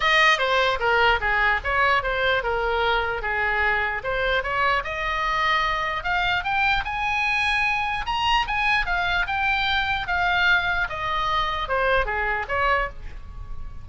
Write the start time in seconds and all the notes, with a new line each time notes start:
0.00 D#5
0.38 C5
0.79 A#4
1.20 G#4
1.64 C#5
2.02 C5
2.43 A#4
3.22 G#4
4.03 C5
4.43 C#5
4.84 D#5
6.03 F5
6.43 G5
6.85 G#5
8.06 A#5
8.47 G#5
8.86 F5
9.27 G5
10.07 F5
10.89 D#5
11.68 C5
12.05 G#4
12.48 C#5